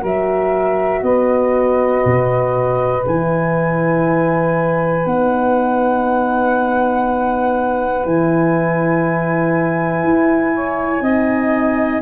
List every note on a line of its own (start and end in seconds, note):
0.00 1.02 F#3
0.00 3.01 F#4
0.00 1.00 A#4
0.00 1.03 E5
1.02 2.02 B3
1.02 10.54 B4
1.02 3.03 D#5
2.04 3.04 B2
3.05 5.05 E3
3.05 5.04 E4
3.05 5.05 G#5
5.04 8.05 B3
5.04 8.02 D#4
5.04 8.05 F#5
8.02 10.03 E3
8.02 11.02 E4
8.02 12.02 G#5
10.03 11.00 E4
10.54 11.02 C#5
11.00 12.00 C4
11.00 12.02 D#4
11.00 12.02 D#5